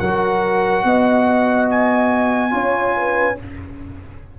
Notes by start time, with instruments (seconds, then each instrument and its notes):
0.00 tuba F#3, trombone F#4, horn A#4, trumpet F#5
0.85 tuba B3, horn D#5
1.70 trumpet G#5
2.51 tuba C#4, trombone F4, horn C#5
2.97 horn B4